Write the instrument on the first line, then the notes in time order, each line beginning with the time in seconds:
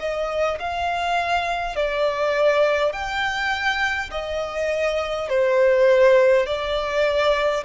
violin
0.00 D#5
0.60 F5
1.76 D5
2.93 G5
4.11 D#5
5.29 C5
6.47 D5